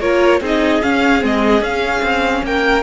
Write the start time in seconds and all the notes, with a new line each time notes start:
0.00 A#3 F4 A#4 C#5
0.41 C4 D#4 G#4 D#5
0.82 C#4 F5
1.20 G#3 C4 D#5
1.61 C#4 F5
2.02 C4
2.43 A#3 A#4 G5